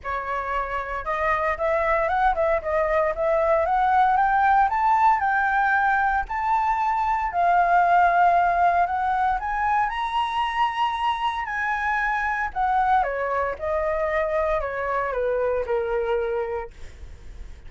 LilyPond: \new Staff \with { instrumentName = "flute" } { \time 4/4 \tempo 4 = 115 cis''2 dis''4 e''4 | fis''8 e''8 dis''4 e''4 fis''4 | g''4 a''4 g''2 | a''2 f''2~ |
f''4 fis''4 gis''4 ais''4~ | ais''2 gis''2 | fis''4 cis''4 dis''2 | cis''4 b'4 ais'2 | }